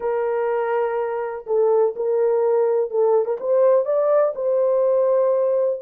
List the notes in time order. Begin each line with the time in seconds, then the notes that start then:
0.00 A#4
1.46 A4
1.96 A#4
2.90 A4
3.25 A#4
3.40 C5
3.85 D5
4.35 C5